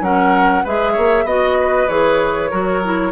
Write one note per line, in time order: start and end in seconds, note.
0.00 0.62 F#3
0.00 0.64 C#4
0.00 0.64 A#4
0.00 0.65 F#5
0.64 0.97 G#3
0.64 1.27 G#4
0.64 0.92 B4
0.64 1.27 E5
0.92 1.24 A#3
0.92 1.23 C#5
1.24 1.87 B3
1.24 1.88 F#4
1.24 1.57 D#5
1.24 1.88 D#5
1.60 2.50 B4
1.88 2.51 E3
1.88 2.50 G#4
1.88 3.12 C#5
2.50 3.12 F#3
2.50 2.82 F#4
2.50 3.12 A#4
2.84 3.12 E4